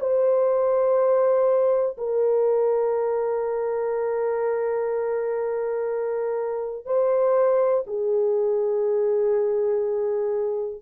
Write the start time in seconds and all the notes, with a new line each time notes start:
0.00 C5
1.97 A#4
6.85 C5
7.87 G#4